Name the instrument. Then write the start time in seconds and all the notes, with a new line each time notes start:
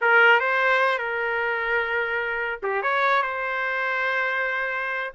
trumpet
0.01 A#4
0.39 C5
0.98 A#4
2.62 G4
2.82 C#5
3.22 C5